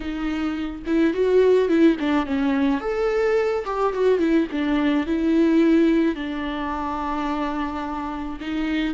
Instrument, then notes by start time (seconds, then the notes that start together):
viola
0.00 D#4
0.86 E4
1.13 F#4
1.68 E4
1.99 D4
2.26 C#4
2.80 A4
3.65 G4
3.93 F#4
4.19 E4
4.51 D4
5.06 E4
6.15 D4
8.40 D#4